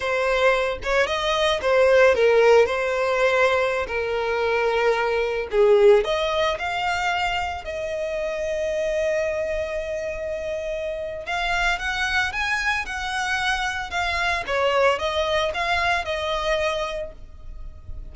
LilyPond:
\new Staff \with { instrumentName = "violin" } { \time 4/4 \tempo 4 = 112 c''4. cis''8 dis''4 c''4 | ais'4 c''2~ c''16 ais'8.~ | ais'2~ ais'16 gis'4 dis''8.~ | dis''16 f''2 dis''4.~ dis''16~ |
dis''1~ | dis''4 f''4 fis''4 gis''4 | fis''2 f''4 cis''4 | dis''4 f''4 dis''2 | }